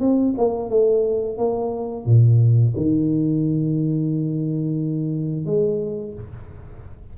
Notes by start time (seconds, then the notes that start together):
0.00 C4
0.37 A#3
0.70 A3
1.38 A#3
2.05 A#2
2.76 D#3
5.45 G#3